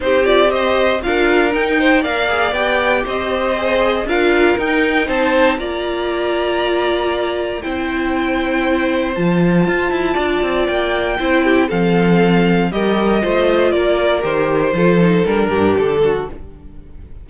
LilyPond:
<<
  \new Staff \with { instrumentName = "violin" } { \time 4/4 \tempo 4 = 118 c''8 d''8 dis''4 f''4 g''4 | f''4 g''4 dis''2 | f''4 g''4 a''4 ais''4~ | ais''2. g''4~ |
g''2 a''2~ | a''4 g''2 f''4~ | f''4 dis''2 d''4 | c''2 ais'4 a'4 | }
  \new Staff \with { instrumentName = "violin" } { \time 4/4 g'4 c''4 ais'4. c''8 | d''2 c''2 | ais'2 c''4 d''4~ | d''2. c''4~ |
c''1 | d''2 c''8 g'8 a'4~ | a'4 ais'4 c''4 ais'4~ | ais'4 a'4. g'4 fis'8 | }
  \new Staff \with { instrumentName = "viola" } { \time 4/4 dis'8 f'8 g'4 f'4 dis'4 | ais'8 gis'8 g'2 gis'4 | f'4 dis'2 f'4~ | f'2. e'4~ |
e'2 f'2~ | f'2 e'4 c'4~ | c'4 g'4 f'2 | g'4 f'8 dis'8 d'2 | }
  \new Staff \with { instrumentName = "cello" } { \time 4/4 c'2 d'4 dis'4 | ais4 b4 c'2 | d'4 dis'4 c'4 ais4~ | ais2. c'4~ |
c'2 f4 f'8 e'8 | d'8 c'8 ais4 c'4 f4~ | f4 g4 a4 ais4 | dis4 f4 g8 g,8 d4 | }
>>